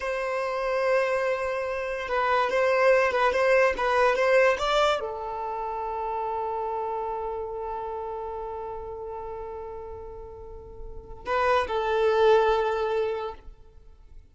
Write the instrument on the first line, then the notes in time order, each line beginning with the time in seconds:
violin
0.00 C5
2.08 B4
2.50 C5
3.12 B4
3.32 C5
3.77 B4
4.15 C5
4.58 D5
5.00 A4
11.25 B4
11.67 A4